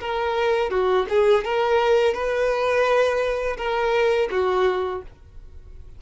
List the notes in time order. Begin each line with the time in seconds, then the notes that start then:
0.00 A#4
0.70 F#4
1.09 G#4
1.44 A#4
2.14 B4
3.57 A#4
4.31 F#4